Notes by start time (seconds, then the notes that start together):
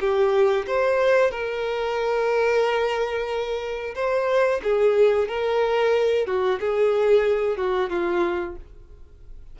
0.00 G4
0.67 C5
1.31 A#4
3.95 C5
4.63 G#4
5.28 A#4
6.26 F#4
6.60 G#4
7.57 F#4
7.90 F4